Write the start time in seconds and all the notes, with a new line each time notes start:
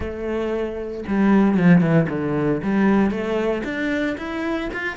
0.00 A3
1.07 G3
1.57 F3
1.80 E3
2.09 D3
2.63 G3
3.10 A3
3.64 D4
4.17 E4
4.73 F4